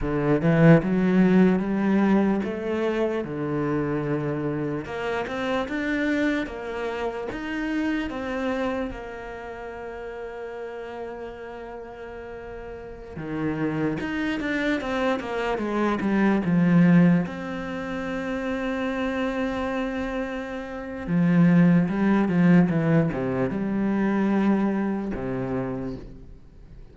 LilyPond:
\new Staff \with { instrumentName = "cello" } { \time 4/4 \tempo 4 = 74 d8 e8 fis4 g4 a4 | d2 ais8 c'8 d'4 | ais4 dis'4 c'4 ais4~ | ais1~ |
ais16 dis4 dis'8 d'8 c'8 ais8 gis8 g16~ | g16 f4 c'2~ c'8.~ | c'2 f4 g8 f8 | e8 c8 g2 c4 | }